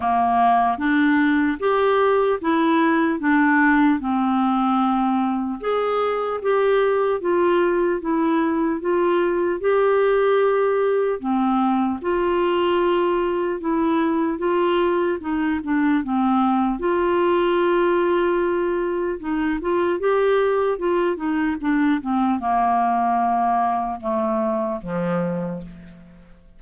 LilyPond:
\new Staff \with { instrumentName = "clarinet" } { \time 4/4 \tempo 4 = 75 ais4 d'4 g'4 e'4 | d'4 c'2 gis'4 | g'4 f'4 e'4 f'4 | g'2 c'4 f'4~ |
f'4 e'4 f'4 dis'8 d'8 | c'4 f'2. | dis'8 f'8 g'4 f'8 dis'8 d'8 c'8 | ais2 a4 f4 | }